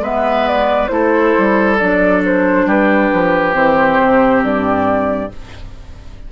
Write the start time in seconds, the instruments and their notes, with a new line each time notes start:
0.00 bassoon G#3, clarinet B3, oboe B4, flute E5
0.47 flute D5
0.87 bassoon A3, clarinet E4, oboe A4, flute C5
1.38 bassoon G3
1.77 bassoon F#3, clarinet D4, flute D5
2.25 flute C5
2.66 bassoon G3, oboe G4, flute B4
3.13 bassoon F3
3.52 bassoon E3, clarinet C4, flute C5
4.01 bassoon C3
4.42 bassoon G2, flute D5